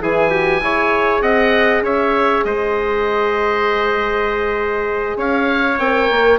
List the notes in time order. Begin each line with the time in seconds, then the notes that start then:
0.00 E3 E4 G#4 G#5
0.30 F#4 G4
0.61 E4 G#4 C#5
1.21 C4 D#5 F#5
1.81 C#4 C#5 E5
2.44 G#3 C5 D#5
5.16 C#4 C#5 F5
5.78 C4 A#4 G5
6.10 A#3